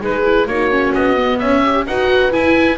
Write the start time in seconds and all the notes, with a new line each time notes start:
0.00 G#3 D#4 G#4 B4
0.25 E4
0.46 A#3 D#4 F#4 C#5
0.71 C#4
0.94 B3 D#5
1.17 B3
1.39 C#4 C#5 E5
1.64 G4
1.86 D#4 F#4 B4 F#5
2.31 E4 G#5